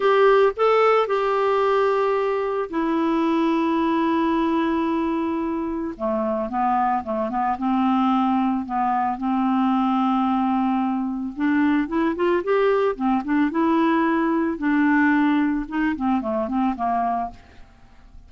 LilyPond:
\new Staff \with { instrumentName = "clarinet" } { \time 4/4 \tempo 4 = 111 g'4 a'4 g'2~ | g'4 e'2.~ | e'2. a4 | b4 a8 b8 c'2 |
b4 c'2.~ | c'4 d'4 e'8 f'8 g'4 | c'8 d'8 e'2 d'4~ | d'4 dis'8 c'8 a8 c'8 ais4 | }